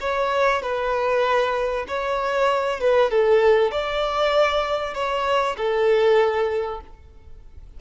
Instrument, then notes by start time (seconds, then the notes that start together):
violin
0.00 C#5
0.62 B4
1.87 C#5
2.80 B4
3.10 A4
3.71 D5
4.94 C#5
5.57 A4